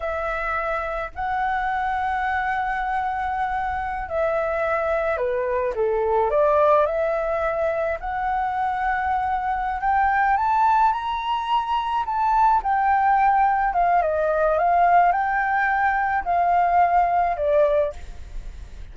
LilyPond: \new Staff \with { instrumentName = "flute" } { \time 4/4 \tempo 4 = 107 e''2 fis''2~ | fis''2.~ fis''16 e''8.~ | e''4~ e''16 b'4 a'4 d''8.~ | d''16 e''2 fis''4.~ fis''16~ |
fis''4. g''4 a''4 ais''8~ | ais''4. a''4 g''4.~ | g''8 f''8 dis''4 f''4 g''4~ | g''4 f''2 d''4 | }